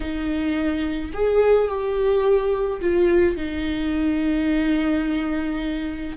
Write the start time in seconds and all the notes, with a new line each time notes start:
0.00 D#4
1.13 G#4
1.68 G4
2.80 F4
3.36 D#4